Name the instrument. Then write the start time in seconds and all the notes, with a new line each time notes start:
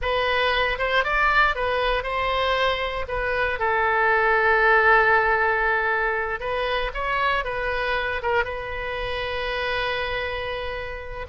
oboe
0.01 B4
0.78 C5
1.03 D5
1.55 B4
2.03 C5
3.07 B4
3.59 A4
6.40 B4
6.94 C#5
7.44 B4
8.22 A#4
8.44 B4